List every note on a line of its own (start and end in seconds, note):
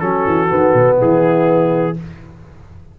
0.00 0.26 F#3
0.00 0.49 C#4
0.00 0.97 F#4
0.00 0.97 A4
0.26 0.51 E3
0.49 0.74 D#3
0.49 1.94 B3
0.74 0.98 B2
0.97 1.99 E3
0.97 1.94 E4
0.97 1.98 G#4